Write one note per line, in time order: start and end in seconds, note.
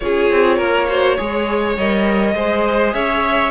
0.00 0.31 C#4
0.00 0.89 F4
0.00 0.56 G#4
0.00 1.76 C#5
0.31 0.58 C4
0.56 1.17 A#3
0.56 0.86 A#4
0.88 1.17 F#4
0.88 1.17 C5
1.17 1.77 G#3
1.17 1.76 G#4
1.17 2.34 C#5
1.77 2.35 G3
1.77 2.36 A#4
1.77 2.93 D#5
2.35 2.93 G#3
2.35 3.50 G#4
2.35 2.94 C5
2.93 3.50 C#4
2.93 3.50 C#5
2.93 3.50 E5